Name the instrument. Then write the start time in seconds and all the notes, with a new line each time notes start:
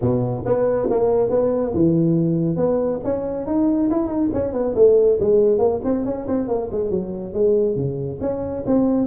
tuba
0.01 B2
0.45 B3
0.90 A#3
1.30 B3
1.74 E3
2.56 B3
3.04 C#4
3.46 D#4
3.90 E4
4.07 D#4
4.33 C#4
4.52 B3
4.75 A3
5.19 G#3
5.58 A#3
5.84 C4
6.05 C#4
6.27 C4
6.47 A#3
6.71 G#3
6.90 F#3
7.33 G#3
7.76 C#3
8.20 C#4
8.66 C4